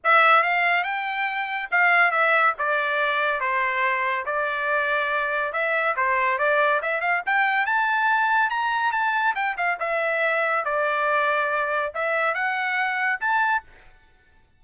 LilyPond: \new Staff \with { instrumentName = "trumpet" } { \time 4/4 \tempo 4 = 141 e''4 f''4 g''2 | f''4 e''4 d''2 | c''2 d''2~ | d''4 e''4 c''4 d''4 |
e''8 f''8 g''4 a''2 | ais''4 a''4 g''8 f''8 e''4~ | e''4 d''2. | e''4 fis''2 a''4 | }